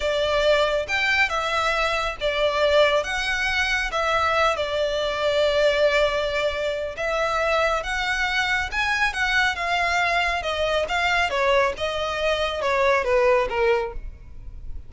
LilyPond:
\new Staff \with { instrumentName = "violin" } { \time 4/4 \tempo 4 = 138 d''2 g''4 e''4~ | e''4 d''2 fis''4~ | fis''4 e''4. d''4.~ | d''1 |
e''2 fis''2 | gis''4 fis''4 f''2 | dis''4 f''4 cis''4 dis''4~ | dis''4 cis''4 b'4 ais'4 | }